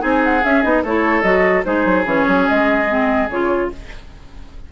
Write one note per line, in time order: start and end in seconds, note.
0.00 0.44 C4
0.00 0.41 D#4
0.00 0.83 G#4
0.00 0.22 G#5
0.24 0.44 F#5
0.44 0.64 C#4
0.44 0.63 C#4
0.44 0.63 E5
0.63 0.84 B3
0.63 0.84 D#4
0.63 0.84 D#5
0.84 1.23 A3
0.84 1.24 E4
0.84 1.65 A4
0.84 1.23 C#5
1.23 1.64 F#3
1.23 1.64 F#4
1.23 1.64 D#5
1.64 1.86 G#3
1.64 2.05 D#4
1.64 3.71 G#4
1.64 2.06 C5
1.86 2.06 F#3
2.06 2.26 E3
2.06 2.88 C#4
2.06 2.49 C#5
2.27 2.48 F#3
2.49 3.30 G#3
2.49 3.30 D#5
2.88 3.29 C4
3.30 3.70 C#3
3.30 3.72 F4
3.30 3.71 C#5